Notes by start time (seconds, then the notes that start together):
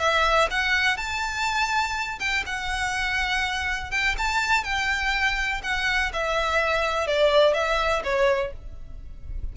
0.00 E5
0.51 F#5
0.97 A5
2.20 G5
2.47 F#5
3.92 G5
4.18 A5
4.64 G5
5.63 F#5
6.13 E5
7.07 D5
7.54 E5
8.04 C#5